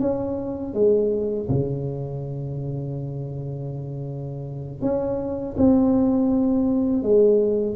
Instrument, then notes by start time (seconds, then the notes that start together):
tuba
0.00 C#4
0.73 G#3
1.49 C#3
4.81 C#4
5.57 C4
7.02 G#3